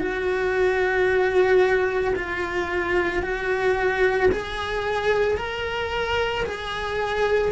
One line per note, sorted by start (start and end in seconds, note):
0.00 2.14 F#4
2.16 3.22 F4
3.22 4.30 F#4
4.31 5.38 G#4
5.38 6.45 A#4
6.45 7.51 G#4